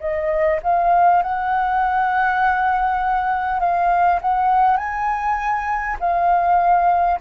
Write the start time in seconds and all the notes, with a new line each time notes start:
0.00 D#5
0.63 F5
1.22 F#5
3.60 F5
4.22 F#5
4.77 G#5
5.99 F5